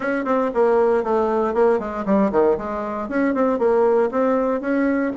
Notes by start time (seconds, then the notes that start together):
0.00 C#4
0.24 C4
0.54 A#3
1.03 A3
1.54 A#3
1.79 G#3
2.05 G3
2.31 D#3
2.57 G#3
3.08 C#4
3.34 C4
3.59 A#3
4.11 C4
4.60 C#4